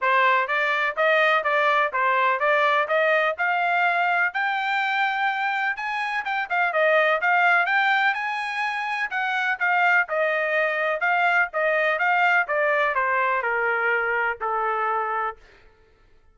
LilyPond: \new Staff \with { instrumentName = "trumpet" } { \time 4/4 \tempo 4 = 125 c''4 d''4 dis''4 d''4 | c''4 d''4 dis''4 f''4~ | f''4 g''2. | gis''4 g''8 f''8 dis''4 f''4 |
g''4 gis''2 fis''4 | f''4 dis''2 f''4 | dis''4 f''4 d''4 c''4 | ais'2 a'2 | }